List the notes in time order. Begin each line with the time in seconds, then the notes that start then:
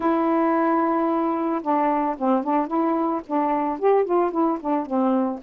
0.00 E4
1.61 D4
2.17 C4
2.43 D4
2.67 E4
3.26 D4
3.79 G4
4.04 F4
4.31 E4
4.60 D4
4.86 C4